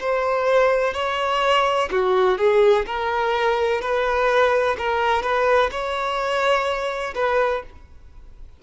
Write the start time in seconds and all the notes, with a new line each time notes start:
0.00 C5
0.94 C#5
1.91 F#4
2.38 G#4
2.86 A#4
3.81 B4
4.78 A#4
5.23 B4
5.71 C#5
7.15 B4